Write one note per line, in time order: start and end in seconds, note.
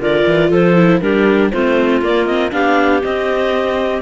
0.00 0.25 D3
0.00 0.76 F4
0.00 0.49 A#4
0.00 0.53 D5
0.27 0.51 E3
0.49 1.01 F3
0.49 1.00 A4
0.49 1.01 C5
0.76 1.01 E4
1.01 1.52 G3
1.01 1.51 D4
1.01 1.52 G4
1.01 1.51 A#4
1.52 2.01 A3
1.52 2.02 C4
1.52 2.53 F4
1.52 2.02 C5
2.01 2.52 A#3
2.01 2.28 A#3
2.01 2.26 D5
2.26 2.51 C4
2.26 2.51 D#5
2.51 3.03 B3
2.51 3.02 D4
2.51 4.02 G4
2.51 3.03 F5
3.02 4.02 C4
3.02 4.02 D#5